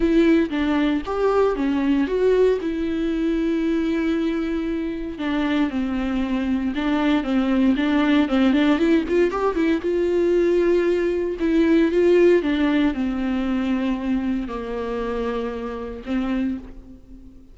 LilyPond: \new Staff \with { instrumentName = "viola" } { \time 4/4 \tempo 4 = 116 e'4 d'4 g'4 cis'4 | fis'4 e'2.~ | e'2 d'4 c'4~ | c'4 d'4 c'4 d'4 |
c'8 d'8 e'8 f'8 g'8 e'8 f'4~ | f'2 e'4 f'4 | d'4 c'2. | ais2. c'4 | }